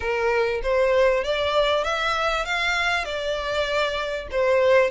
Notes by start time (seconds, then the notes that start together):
0.00 A#4
0.62 C5
1.24 D5
1.84 E5
2.45 F5
3.04 D5
4.31 C5